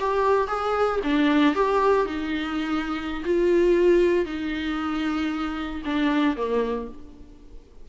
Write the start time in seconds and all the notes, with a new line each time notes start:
0.00 G4
0.48 G#4
1.04 D4
1.55 G4
2.06 D#4
3.25 F4
4.26 D#4
5.86 D4
6.37 A#3